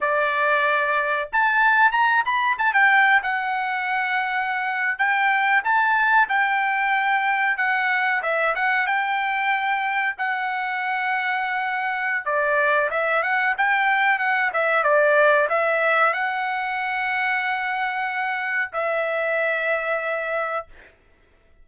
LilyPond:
\new Staff \with { instrumentName = "trumpet" } { \time 4/4 \tempo 4 = 93 d''2 a''4 ais''8 b''8 | a''16 g''8. fis''2~ fis''8. g''16~ | g''8. a''4 g''2 fis''16~ | fis''8. e''8 fis''8 g''2 fis''16~ |
fis''2. d''4 | e''8 fis''8 g''4 fis''8 e''8 d''4 | e''4 fis''2.~ | fis''4 e''2. | }